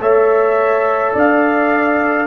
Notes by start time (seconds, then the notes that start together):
0.00 A3 A4 C#5 E5
1.14 D4 D5 F5